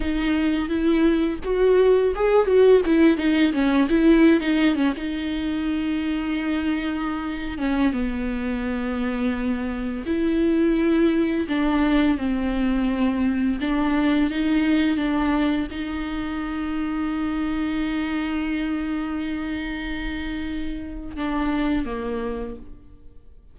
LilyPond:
\new Staff \with { instrumentName = "viola" } { \time 4/4 \tempo 4 = 85 dis'4 e'4 fis'4 gis'8 fis'8 | e'8 dis'8 cis'8 e'8. dis'8 cis'16 dis'4~ | dis'2~ dis'8. cis'8 b8.~ | b2~ b16 e'4.~ e'16~ |
e'16 d'4 c'2 d'8.~ | d'16 dis'4 d'4 dis'4.~ dis'16~ | dis'1~ | dis'2 d'4 ais4 | }